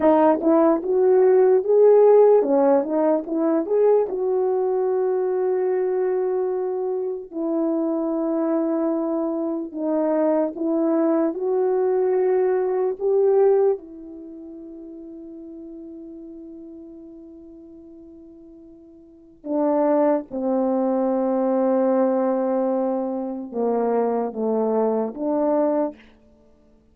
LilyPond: \new Staff \with { instrumentName = "horn" } { \time 4/4 \tempo 4 = 74 dis'8 e'8 fis'4 gis'4 cis'8 dis'8 | e'8 gis'8 fis'2.~ | fis'4 e'2. | dis'4 e'4 fis'2 |
g'4 e'2.~ | e'1 | d'4 c'2.~ | c'4 ais4 a4 d'4 | }